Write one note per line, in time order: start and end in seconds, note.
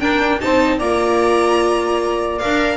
0.00 0.40 D4
0.00 0.39 D4
0.00 0.41 A#4
0.00 0.40 G5
0.39 0.80 C4
0.39 0.79 D#4
0.39 0.78 C5
0.39 0.79 A5
0.78 2.40 A#3
0.78 2.39 F4
0.78 2.77 D5
0.78 2.38 A#5
2.38 2.77 A#4
2.38 2.77 F5
2.45 2.77 D4